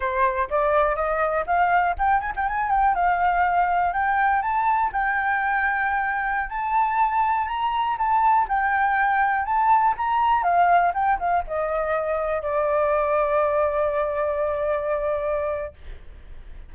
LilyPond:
\new Staff \with { instrumentName = "flute" } { \time 4/4 \tempo 4 = 122 c''4 d''4 dis''4 f''4 | g''8 gis''16 g''16 gis''8 g''8 f''2 | g''4 a''4 g''2~ | g''4~ g''16 a''2 ais''8.~ |
ais''16 a''4 g''2 a''8.~ | a''16 ais''4 f''4 g''8 f''8 dis''8.~ | dis''4~ dis''16 d''2~ d''8.~ | d''1 | }